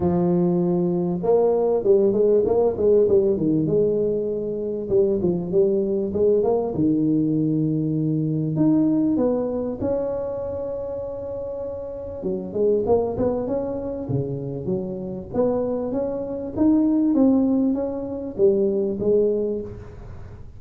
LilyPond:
\new Staff \with { instrumentName = "tuba" } { \time 4/4 \tempo 4 = 98 f2 ais4 g8 gis8 | ais8 gis8 g8 dis8 gis2 | g8 f8 g4 gis8 ais8 dis4~ | dis2 dis'4 b4 |
cis'1 | fis8 gis8 ais8 b8 cis'4 cis4 | fis4 b4 cis'4 dis'4 | c'4 cis'4 g4 gis4 | }